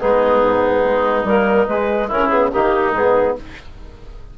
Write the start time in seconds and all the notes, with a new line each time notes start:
0.00 G#3 B3 D#4 G#4
0.42 G#2
0.84 G#3
1.24 G3 A#3 A#4
1.67 G#3 B4
2.07 C#4 E4 A#4
2.13 C#3
2.28 B3 G#4
2.52 D#3 A#3 D#4 G4
2.92 G#2 B3 G#4